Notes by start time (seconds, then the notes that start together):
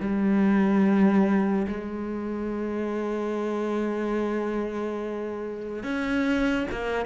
0.00 G3
1.68 G#3
5.83 C#4
6.71 A#3